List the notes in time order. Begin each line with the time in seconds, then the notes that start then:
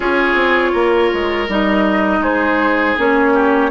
0.00 C#4 F4 G#4 C#5
0.34 C4
0.71 A#3 A#4
1.13 G#3
1.48 G3 D#4 D#5
2.19 G#3 G#4 C5
2.98 A#3 C#4 C#5
3.33 G4